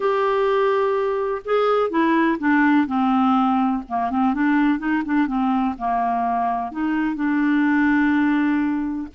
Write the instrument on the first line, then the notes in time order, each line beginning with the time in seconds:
clarinet
0.00 G4
1.44 G#4
1.90 E4
2.38 D4
2.86 C4
3.88 A#3
4.10 C4
4.34 D4
4.78 D#4
5.05 D4
5.27 C4
5.77 A#3
6.71 D#4
7.15 D4